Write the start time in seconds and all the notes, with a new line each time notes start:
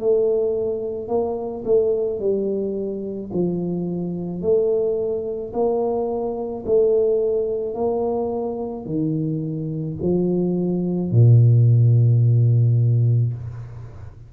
0.00 A3
1.08 A#3
1.65 A3
2.20 G3
3.33 F3
4.42 A3
5.54 A#3
6.66 A3
7.75 A#3
8.86 D#3
10.02 F3
11.12 A#2